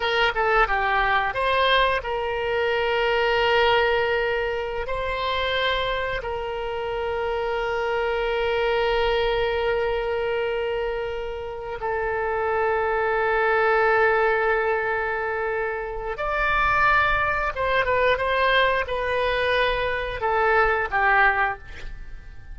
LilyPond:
\new Staff \with { instrumentName = "oboe" } { \time 4/4 \tempo 4 = 89 ais'8 a'8 g'4 c''4 ais'4~ | ais'2.~ ais'16 c''8.~ | c''4~ c''16 ais'2~ ais'8.~ | ais'1~ |
ais'4. a'2~ a'8~ | a'1 | d''2 c''8 b'8 c''4 | b'2 a'4 g'4 | }